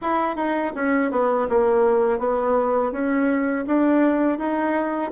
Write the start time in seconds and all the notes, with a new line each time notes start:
0.01 E4
0.36 D#4
0.75 C#4
1.11 B3
1.49 A#3
2.19 B3
2.92 C#4
3.66 D4
4.38 D#4